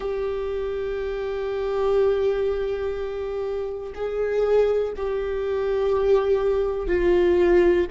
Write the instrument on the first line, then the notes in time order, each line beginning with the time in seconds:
viola
0.00 G4
3.94 G#4
4.96 G4
6.87 F4